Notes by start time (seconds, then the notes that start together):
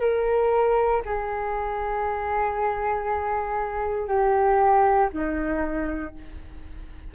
0.00 A#4
1.05 G#4
4.07 G4
5.13 D#4